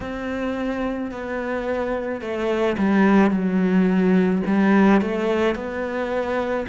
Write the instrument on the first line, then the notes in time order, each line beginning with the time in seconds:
cello
0.00 C4
1.11 B3
2.21 A3
2.77 G3
3.30 F#3
4.46 G3
5.01 A3
5.55 B3